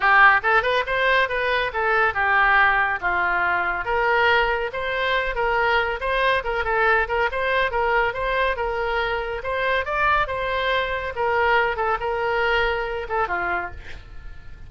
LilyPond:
\new Staff \with { instrumentName = "oboe" } { \time 4/4 \tempo 4 = 140 g'4 a'8 b'8 c''4 b'4 | a'4 g'2 f'4~ | f'4 ais'2 c''4~ | c''8 ais'4. c''4 ais'8 a'8~ |
a'8 ais'8 c''4 ais'4 c''4 | ais'2 c''4 d''4 | c''2 ais'4. a'8 | ais'2~ ais'8 a'8 f'4 | }